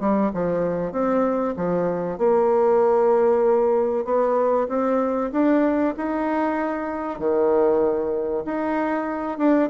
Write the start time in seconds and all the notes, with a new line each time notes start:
0.00 G3
0.34 F3
0.92 C4
1.56 F3
2.18 A#3
4.05 B3
4.68 C4
5.32 D4
5.97 D#4
7.18 D#3
8.45 D#4
9.38 D4